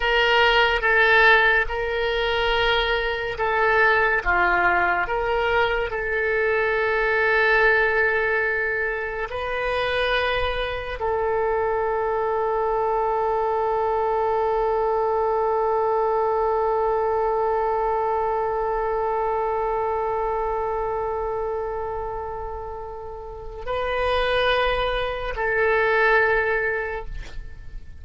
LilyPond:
\new Staff \with { instrumentName = "oboe" } { \time 4/4 \tempo 4 = 71 ais'4 a'4 ais'2 | a'4 f'4 ais'4 a'4~ | a'2. b'4~ | b'4 a'2.~ |
a'1~ | a'1~ | a'1 | b'2 a'2 | }